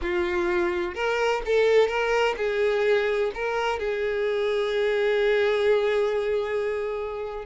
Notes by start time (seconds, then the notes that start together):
0.01 F4
0.94 A#4
1.45 A4
1.88 A#4
2.37 G#4
3.34 A#4
3.79 G#4